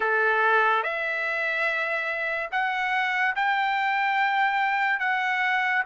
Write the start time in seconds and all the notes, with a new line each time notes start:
0.00 A4
0.83 E5
2.51 F#5
3.35 G5
4.99 F#5